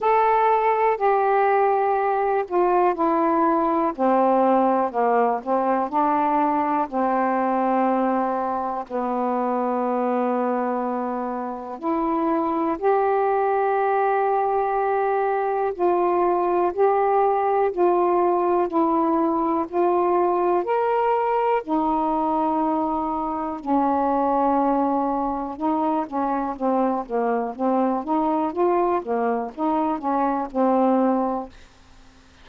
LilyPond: \new Staff \with { instrumentName = "saxophone" } { \time 4/4 \tempo 4 = 61 a'4 g'4. f'8 e'4 | c'4 ais8 c'8 d'4 c'4~ | c'4 b2. | e'4 g'2. |
f'4 g'4 f'4 e'4 | f'4 ais'4 dis'2 | cis'2 dis'8 cis'8 c'8 ais8 | c'8 dis'8 f'8 ais8 dis'8 cis'8 c'4 | }